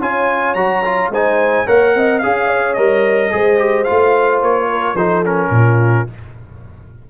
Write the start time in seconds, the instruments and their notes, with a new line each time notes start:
0.00 tuba C#4, trombone F4, horn C#5, trumpet G#5
0.54 tuba F#3, trombone F#4, trumpet A#5
0.85 trombone F4
1.09 tuba G#3, trombone D#4, horn C5, trumpet G#5
1.66 tuba A#3, trombone A#4, horn C#5, trumpet F#5
1.95 tuba C4, horn D#5
2.19 tuba C#4, trombone G#4, trumpet F5, horn F5
2.47 horn C#5
2.74 tuba G3, trombone A#4, trumpet D#5
3.31 tuba G#3, trombone G#4, horn C5
3.58 trombone G4
3.84 trombone F4, trumpet F5
3.90 tuba A3
4.42 tuba A#3, trumpet C#5
4.69 horn A#4
4.94 tuba F3, trombone D#4, horn A4, trumpet C5
5.25 trombone C#4, trumpet A#4
5.50 tuba A#2, horn F4